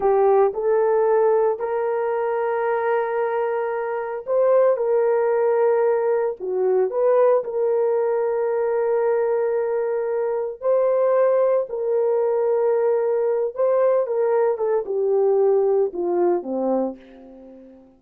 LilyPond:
\new Staff \with { instrumentName = "horn" } { \time 4/4 \tempo 4 = 113 g'4 a'2 ais'4~ | ais'1 | c''4 ais'2. | fis'4 b'4 ais'2~ |
ais'1 | c''2 ais'2~ | ais'4. c''4 ais'4 a'8 | g'2 f'4 c'4 | }